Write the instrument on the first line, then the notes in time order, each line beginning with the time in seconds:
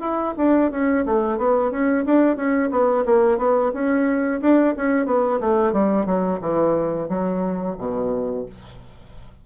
bassoon
0.00 E4
0.37 D4
0.71 C#4
1.05 A3
1.38 B3
1.71 C#4
2.05 D4
2.36 C#4
2.71 B3
3.05 A#3
3.38 B3
3.73 C#4
4.41 D4
4.77 C#4
5.06 B3
5.40 A3
5.72 G3
6.06 F#3
6.41 E3
7.08 F#3
7.78 B2